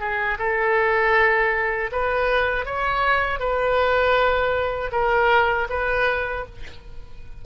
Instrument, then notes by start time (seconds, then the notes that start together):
oboe
0.00 G#4
0.39 A4
1.92 B4
2.65 C#5
3.39 B4
4.92 A#4
5.70 B4